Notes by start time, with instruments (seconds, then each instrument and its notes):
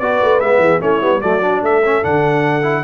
0.00 tuba B3, trombone F#4, horn B4, trumpet D5
0.22 tuba A3
0.40 tuba G#3, trombone B3, trumpet E5
0.59 tuba E3, horn G#4
0.80 tuba A3, trombone C#4, horn E4, trumpet C#5
1.01 tuba G3, trombone B3
1.21 tuba F#3, trombone A3, horn F#4, trumpet D5
1.42 trombone D4
1.63 tuba A3, horn A4, trumpet E5
1.85 trombone C#4
2.03 tuba D3, trombone D4, trumpet F#5
2.63 trombone E4